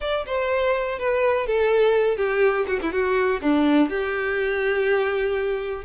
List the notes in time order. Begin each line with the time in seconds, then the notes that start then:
0.00 D5
0.25 C5
0.98 B4
1.46 A4
2.16 G4
2.67 F#4
2.82 E4
2.92 F#4
3.41 D4
3.89 G4